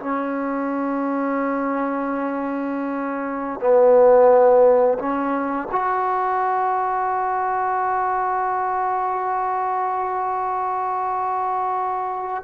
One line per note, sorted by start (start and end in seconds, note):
0.00 3.60 C#4
3.60 4.98 B3
4.99 5.68 C#4
5.72 12.44 F#4